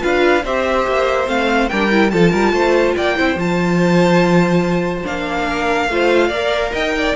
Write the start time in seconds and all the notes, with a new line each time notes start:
0.00 D4 F4 B4 F5
0.44 C4 G4 C5 E5
0.87 A#3
1.26 A3 C4 F5
1.69 G3 D4 A#4 G5
1.90 E4
2.10 F3 F4 A4 A5
2.31 G3 A#4
2.52 A3 C5
2.96 A#3 D5 G5
3.16 C4 E4 C5
3.35 F3 F4 A5
5.04 A#3 D4 F5
5.46 A#4
5.88 A3 F4 C5
6.28 A#3 A#4 D5
6.72 D#4 D#5 G5
6.97 D5